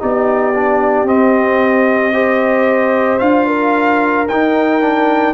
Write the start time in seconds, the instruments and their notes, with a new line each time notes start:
0.00 tuba B3, trombone D#4, horn G4, trumpet D5
0.55 trombone D4
1.04 tuba C4, trombone C4, trumpet D#5
2.13 trombone G4, horn C5
3.19 tuba D4, trombone F4, trumpet F5
3.47 horn A#4
4.29 tuba D#4, trombone D#4, trumpet G5
4.81 trombone D4